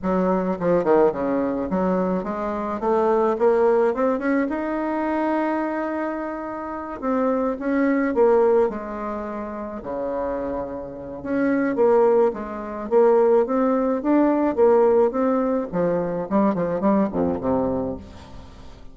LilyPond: \new Staff \with { instrumentName = "bassoon" } { \time 4/4 \tempo 4 = 107 fis4 f8 dis8 cis4 fis4 | gis4 a4 ais4 c'8 cis'8 | dis'1~ | dis'8 c'4 cis'4 ais4 gis8~ |
gis4. cis2~ cis8 | cis'4 ais4 gis4 ais4 | c'4 d'4 ais4 c'4 | f4 g8 f8 g8 f,8 c4 | }